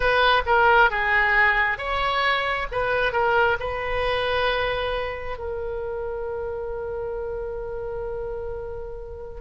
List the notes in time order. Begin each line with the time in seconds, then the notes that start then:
0.00 B4
0.46 A#4
0.90 G#4
1.77 C#5
2.71 B4
3.12 A#4
3.59 B4
5.38 A#4